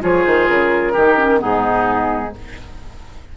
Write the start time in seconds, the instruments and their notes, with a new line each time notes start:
0.00 bassoon F3, clarinet F4, oboe G#4, flute C#5
0.25 bassoon D#3, flute C5
0.47 bassoon C#3, flute A#4
0.92 bassoon D#3, clarinet D#4, oboe G4
1.17 clarinet C#4
1.38 bassoon G#2, clarinet B3, oboe D#4, flute G#4